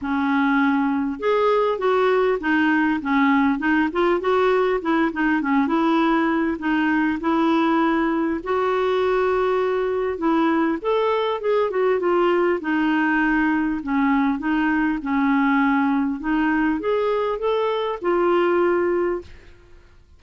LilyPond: \new Staff \with { instrumentName = "clarinet" } { \time 4/4 \tempo 4 = 100 cis'2 gis'4 fis'4 | dis'4 cis'4 dis'8 f'8 fis'4 | e'8 dis'8 cis'8 e'4. dis'4 | e'2 fis'2~ |
fis'4 e'4 a'4 gis'8 fis'8 | f'4 dis'2 cis'4 | dis'4 cis'2 dis'4 | gis'4 a'4 f'2 | }